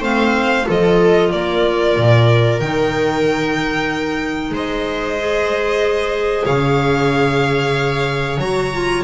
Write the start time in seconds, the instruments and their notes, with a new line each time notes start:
0.00 double bass A3, clarinet C4, viola C5, violin F5
0.66 double bass F3, clarinet F4, viola A4, violin D#5
1.32 double bass A#3, viola A#4, violin D5
1.97 double bass A#2
2.60 double bass D#3, clarinet D#4, violin G5
4.50 double bass G#3, viola C5, violin D#5
5.18 clarinet G#4
6.45 double bass C#3, viola C#5, violin F5
8.38 double bass F#3, clarinet F#4, violin A#5
8.73 clarinet F4